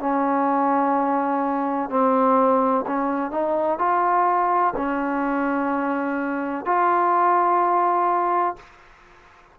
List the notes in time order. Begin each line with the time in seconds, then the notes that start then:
0.00 C#4
1.90 C4
2.87 C#4
3.31 D#4
3.79 F4
4.76 C#4
6.66 F4